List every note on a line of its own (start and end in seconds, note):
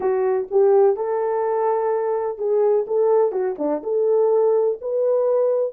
0.00 0.47 F#4
0.51 0.96 G4
0.96 2.38 A4
2.38 2.85 G#4
2.87 3.32 A4
3.32 3.55 F#4
3.58 3.82 D4
3.83 4.78 A4
4.81 5.73 B4